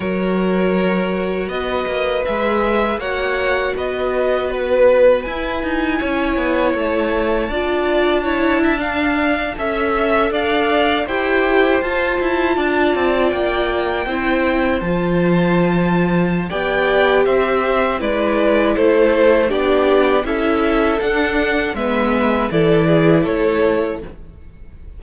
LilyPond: <<
  \new Staff \with { instrumentName = "violin" } { \time 4/4 \tempo 4 = 80 cis''2 dis''4 e''4 | fis''4 dis''4 b'4 gis''4~ | gis''4 a''2.~ | a''8. e''4 f''4 g''4 a''16~ |
a''4.~ a''16 g''2 a''16~ | a''2 g''4 e''4 | d''4 c''4 d''4 e''4 | fis''4 e''4 d''4 cis''4 | }
  \new Staff \with { instrumentName = "violin" } { \time 4/4 ais'2 b'2 | cis''4 b'2. | cis''2 d''4 cis''8 e''16 f''16~ | f''8. e''4 d''4 c''4~ c''16~ |
c''8. d''2 c''4~ c''16~ | c''2 d''4 c''4 | b'4 a'4 g'4 a'4~ | a'4 b'4 a'8 gis'8 a'4 | }
  \new Staff \with { instrumentName = "viola" } { \time 4/4 fis'2. gis'4 | fis'2. e'4~ | e'2 f'4 e'8. d'16~ | d'8. a'2 g'4 f'16~ |
f'2~ f'8. e'4 f'16~ | f'2 g'2 | e'2 d'4 e'4 | d'4 b4 e'2 | }
  \new Staff \with { instrumentName = "cello" } { \time 4/4 fis2 b8 ais8 gis4 | ais4 b2 e'8 dis'8 | cis'8 b8 a4 d'2~ | d'8. cis'4 d'4 e'4 f'16~ |
f'16 e'8 d'8 c'8 ais4 c'4 f16~ | f2 b4 c'4 | gis4 a4 b4 cis'4 | d'4 gis4 e4 a4 | }
>>